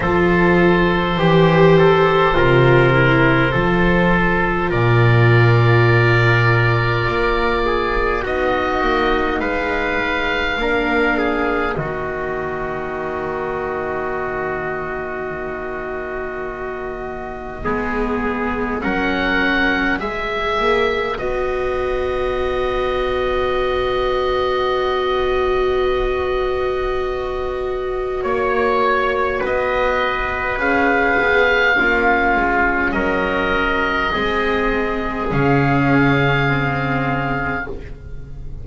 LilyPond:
<<
  \new Staff \with { instrumentName = "oboe" } { \time 4/4 \tempo 4 = 51 c''1 | d''2. dis''4 | f''2 dis''2~ | dis''1 |
fis''4 e''4 dis''2~ | dis''1 | cis''4 dis''4 f''2 | dis''2 f''2 | }
  \new Staff \with { instrumentName = "trumpet" } { \time 4/4 a'4 g'8 a'8 ais'4 a'4 | ais'2~ ais'8 gis'8 fis'4 | b'4 ais'8 gis'8 fis'2~ | fis'2. gis'4 |
ais'4 b'2.~ | b'1 | cis''4 b'2 f'4 | ais'4 gis'2. | }
  \new Staff \with { instrumentName = "viola" } { \time 4/4 f'4 g'4 f'8 e'8 f'4~ | f'2. dis'4~ | dis'4 d'4 ais2~ | ais2. b4 |
cis'4 gis'4 fis'2~ | fis'1~ | fis'2 gis'4 cis'4~ | cis'4 c'4 cis'4 c'4 | }
  \new Staff \with { instrumentName = "double bass" } { \time 4/4 f4 e4 c4 f4 | ais,2 ais4 b8 ais8 | gis4 ais4 dis2~ | dis2. gis4 |
fis4 gis8 ais8 b2~ | b1 | ais4 b4 cis'8 b8 ais8 gis8 | fis4 gis4 cis2 | }
>>